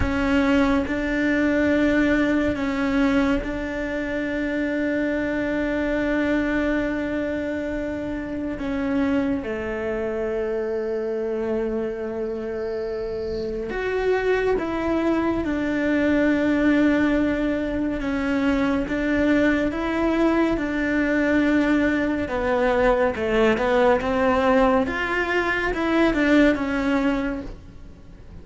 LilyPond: \new Staff \with { instrumentName = "cello" } { \time 4/4 \tempo 4 = 70 cis'4 d'2 cis'4 | d'1~ | d'2 cis'4 a4~ | a1 |
fis'4 e'4 d'2~ | d'4 cis'4 d'4 e'4 | d'2 b4 a8 b8 | c'4 f'4 e'8 d'8 cis'4 | }